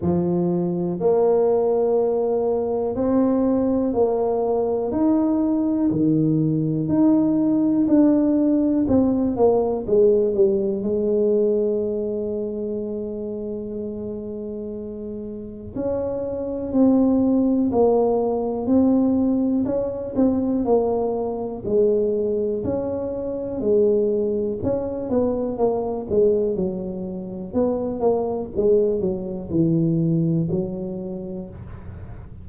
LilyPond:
\new Staff \with { instrumentName = "tuba" } { \time 4/4 \tempo 4 = 61 f4 ais2 c'4 | ais4 dis'4 dis4 dis'4 | d'4 c'8 ais8 gis8 g8 gis4~ | gis1 |
cis'4 c'4 ais4 c'4 | cis'8 c'8 ais4 gis4 cis'4 | gis4 cis'8 b8 ais8 gis8 fis4 | b8 ais8 gis8 fis8 e4 fis4 | }